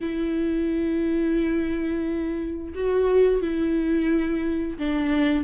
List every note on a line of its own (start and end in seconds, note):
0.01 2.73 E4
2.75 3.41 F#4
3.41 4.78 E4
4.78 5.44 D4